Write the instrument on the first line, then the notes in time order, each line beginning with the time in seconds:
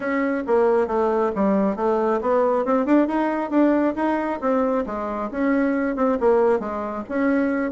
bassoon
0.00 C#4
0.46 A#3
0.87 A3
1.35 G3
1.76 A3
2.21 B3
2.65 C4
2.85 D4
3.07 D#4
3.50 D4
3.95 D#4
4.40 C4
4.86 G#3
5.30 C#4
5.96 C4
6.20 A#3
6.59 G#3
7.08 C#4